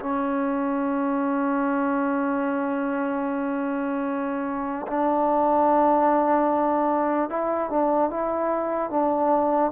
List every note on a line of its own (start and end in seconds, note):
0.00 4.86 C#4
4.87 7.30 D4
7.30 7.70 E4
7.70 8.11 D4
8.11 8.90 E4
8.90 9.71 D4